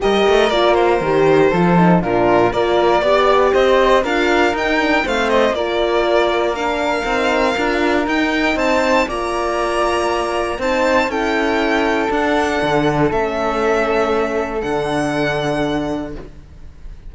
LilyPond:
<<
  \new Staff \with { instrumentName = "violin" } { \time 4/4 \tempo 4 = 119 dis''4 d''8 c''2~ c''8 | ais'4 d''2 dis''4 | f''4 g''4 f''8 dis''8 d''4~ | d''4 f''2. |
g''4 a''4 ais''2~ | ais''4 a''4 g''2 | fis''2 e''2~ | e''4 fis''2. | }
  \new Staff \with { instrumentName = "flute" } { \time 4/4 ais'2. a'4 | f'4 ais'4 d''4 c''4 | ais'2 c''4 ais'4~ | ais'1~ |
ais'4 c''4 d''2~ | d''4 c''4 a'2~ | a'1~ | a'1 | }
  \new Staff \with { instrumentName = "horn" } { \time 4/4 g'4 f'4 g'4 f'8 dis'8 | d'4 f'4 g'2 | f'4 dis'8 d'8 c'4 f'4~ | f'4 d'4 dis'4 f'4 |
dis'2 f'2~ | f'4 dis'4 e'2 | d'2 cis'2~ | cis'4 d'2. | }
  \new Staff \with { instrumentName = "cello" } { \time 4/4 g8 a8 ais4 dis4 f4 | ais,4 ais4 b4 c'4 | d'4 dis'4 a4 ais4~ | ais2 c'4 d'4 |
dis'4 c'4 ais2~ | ais4 c'4 cis'2 | d'4 d4 a2~ | a4 d2. | }
>>